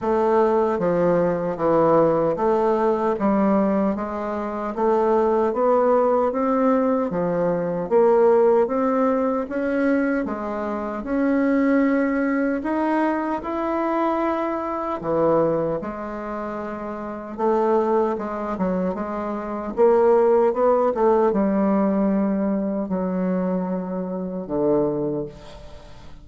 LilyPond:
\new Staff \with { instrumentName = "bassoon" } { \time 4/4 \tempo 4 = 76 a4 f4 e4 a4 | g4 gis4 a4 b4 | c'4 f4 ais4 c'4 | cis'4 gis4 cis'2 |
dis'4 e'2 e4 | gis2 a4 gis8 fis8 | gis4 ais4 b8 a8 g4~ | g4 fis2 d4 | }